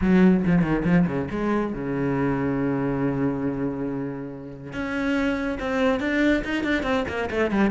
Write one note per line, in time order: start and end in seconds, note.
0.01 0.44 F#3
0.46 0.62 F3
0.62 0.83 D#3
0.85 1.06 F3
1.06 1.28 C#3
1.30 1.73 G#3
1.73 4.72 C#3
4.72 5.58 C#4
5.59 6.00 C4
6.00 6.42 D4
6.44 6.63 D#4
6.63 6.83 D4
6.83 7.04 C4
7.08 7.29 A#3
7.30 7.50 A3
7.50 7.70 G3